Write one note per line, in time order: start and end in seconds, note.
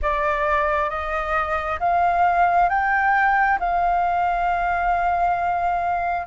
0.02 0.89 D5
0.89 1.79 D#5
1.79 2.69 F5
2.69 3.58 G5
3.59 6.26 F5